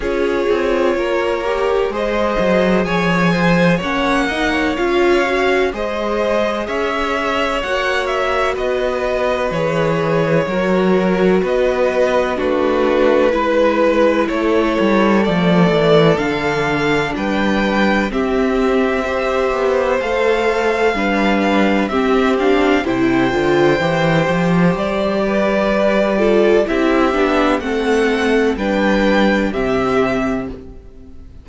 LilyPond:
<<
  \new Staff \with { instrumentName = "violin" } { \time 4/4 \tempo 4 = 63 cis''2 dis''4 gis''4 | fis''4 f''4 dis''4 e''4 | fis''8 e''8 dis''4 cis''2 | dis''4 b'2 cis''4 |
d''4 f''4 g''4 e''4~ | e''4 f''2 e''8 f''8 | g''2 d''2 | e''4 fis''4 g''4 e''4 | }
  \new Staff \with { instrumentName = "violin" } { \time 4/4 gis'4 ais'4 c''4 cis''8 c''8 | cis''8 dis''16 cis''4~ cis''16 c''4 cis''4~ | cis''4 b'2 ais'4 | b'4 fis'4 b'4 a'4~ |
a'2 b'4 g'4 | c''2 b'4 g'4 | c''2~ c''8 b'4 a'8 | g'4 a'4 b'4 g'4 | }
  \new Staff \with { instrumentName = "viola" } { \time 4/4 f'4. g'8 gis'2 | cis'8 dis'8 f'8 fis'8 gis'2 | fis'2 gis'4 fis'4~ | fis'4 d'4 e'2 |
a4 d'2 c'4 | g'4 a'4 d'4 c'8 d'8 | e'8 f'8 g'2~ g'8 f'8 | e'8 d'8 c'4 d'4 c'4 | }
  \new Staff \with { instrumentName = "cello" } { \time 4/4 cis'8 c'8 ais4 gis8 fis8 f4 | ais4 cis'4 gis4 cis'4 | ais4 b4 e4 fis4 | b4 a4 gis4 a8 g8 |
f8 e8 d4 g4 c'4~ | c'8 b8 a4 g4 c'4 | c8 d8 e8 f8 g2 | c'8 b8 a4 g4 c4 | }
>>